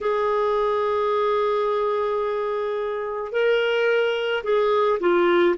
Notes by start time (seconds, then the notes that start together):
0.00 G#4
3.32 A#4
4.43 G#4
5.00 F4